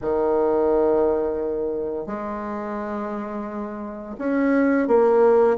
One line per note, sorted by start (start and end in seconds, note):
0.01 2.06 D#3
2.06 4.15 G#3
4.18 4.87 C#4
4.87 5.57 A#3